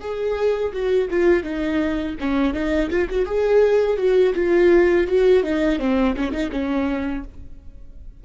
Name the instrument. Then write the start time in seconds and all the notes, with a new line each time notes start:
viola
0.00 G#4
0.72 F#4
1.10 F4
1.43 D#4
2.19 C#4
2.53 D#4
2.89 F4
3.09 F#4
3.25 G#4
3.97 F#4
4.34 F4
5.07 F#4
5.43 D#4
5.79 C4
6.16 C#4
6.32 D#4
6.51 C#4